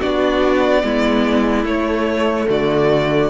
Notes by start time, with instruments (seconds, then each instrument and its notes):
0.00 cello B3, viola D4, violin F#4 D5
0.83 cello G#3, viola B3, violin E4
1.64 cello A3, viola A3, violin C#5
2.49 cello D3, violin F#4 D5